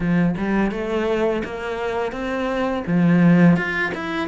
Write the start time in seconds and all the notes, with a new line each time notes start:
0.00 F3
0.37 G3
0.71 A3
1.44 A#3
2.12 C4
2.86 F3
3.56 F4
3.94 E4